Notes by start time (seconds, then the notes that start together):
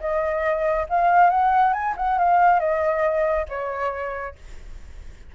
0.00 D#5
0.89 F5
1.30 F#5
1.73 G#5
1.97 F#5
2.18 F5
2.60 D#5
3.49 C#5